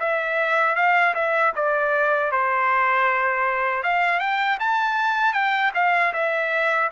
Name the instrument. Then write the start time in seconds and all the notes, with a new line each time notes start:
trumpet
0.00 E5
0.76 F5
1.15 E5
1.56 D5
2.32 C5
3.84 F5
4.20 G5
4.60 A5
5.34 G5
5.75 F5
6.14 E5